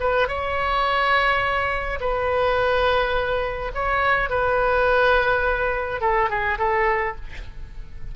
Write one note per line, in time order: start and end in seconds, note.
0.00 0.28 B4
0.28 1.99 C#5
2.00 3.71 B4
3.74 4.30 C#5
4.30 6.01 B4
6.01 6.29 A4
6.29 6.58 G#4
6.58 7.15 A4